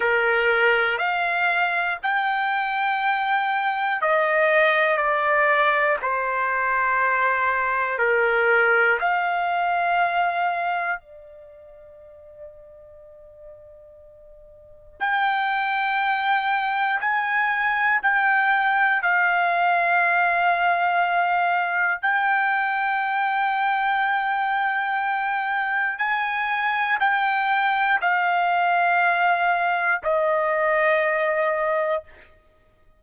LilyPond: \new Staff \with { instrumentName = "trumpet" } { \time 4/4 \tempo 4 = 60 ais'4 f''4 g''2 | dis''4 d''4 c''2 | ais'4 f''2 d''4~ | d''2. g''4~ |
g''4 gis''4 g''4 f''4~ | f''2 g''2~ | g''2 gis''4 g''4 | f''2 dis''2 | }